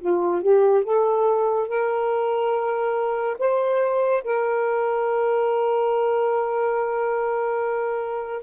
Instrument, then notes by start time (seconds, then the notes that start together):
saxophone
0.00 F4
0.42 G4
0.84 A4
1.68 A#4
3.39 C5
4.24 A#4